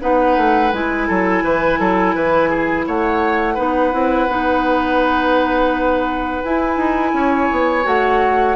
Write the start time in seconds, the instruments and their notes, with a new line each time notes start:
0.00 bassoon B3, clarinet D#4, oboe B4, flute F#5
0.36 bassoon A3
0.72 bassoon G#3, clarinet E4, flute G#5
1.07 bassoon F#3, oboe A4
1.43 bassoon E3, oboe B4
1.79 bassoon F#3, oboe A4
2.15 bassoon E3, oboe B4
2.49 oboe G#4
2.87 bassoon A3, oboe C#5, flute F#5
3.54 bassoon B3, clarinet D#4, oboe B4
3.92 bassoon C4, clarinet E4
4.28 bassoon B3, clarinet D#4
6.44 clarinet E4, bassoon E4, flute G#5
6.76 bassoon D#4
7.12 bassoon C#4, oboe C#5
7.51 bassoon B3
7.83 bassoon A3, clarinet F#4, flute F#5